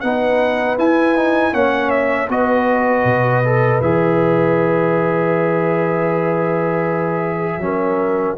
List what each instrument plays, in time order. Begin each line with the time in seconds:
0.00 tuba B3, trombone D#4, horn B4, trumpet F#5
0.78 trombone E4, tuba E4, trumpet G#5
1.16 trombone D#4
1.52 tuba A#3, trombone C#4, horn C#5, trumpet F#5
1.90 trumpet E5
2.28 tuba B3, trombone F#4, horn B4, trumpet D#5
3.04 tuba B2
3.44 trombone A4
3.80 tuba E3, trombone G#4, trumpet E5
7.57 tuba F#3, trombone C#4
7.64 horn A#4